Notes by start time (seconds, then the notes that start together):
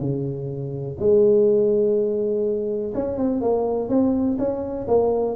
0.00 C#3
0.99 G#3
2.94 C#4
3.17 C4
3.41 A#3
3.89 C4
4.38 C#4
4.87 A#3